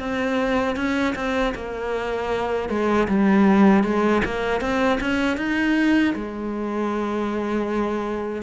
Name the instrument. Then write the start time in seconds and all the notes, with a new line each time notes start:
cello
0.00 C4
0.76 C#4
1.15 C4
1.55 A#3
2.70 G#3
3.08 G3
3.84 G#3
4.25 A#3
4.61 C4
5.01 C#4
5.38 D#4
6.15 G#3